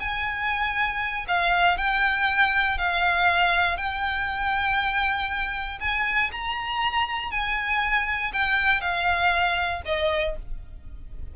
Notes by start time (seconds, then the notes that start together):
0.00 G#5
1.28 F5
1.78 G5
2.78 F5
3.77 G5
5.81 G#5
6.32 A#5
7.31 G#5
8.33 G5
8.81 F5
9.86 D#5